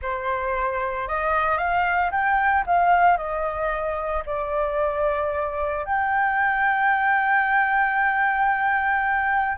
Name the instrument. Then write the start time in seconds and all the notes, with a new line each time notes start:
flute
0.02 C5
1.07 D#5
1.57 F5
2.11 G5
2.66 F5
3.17 D#5
4.26 D5
5.85 G5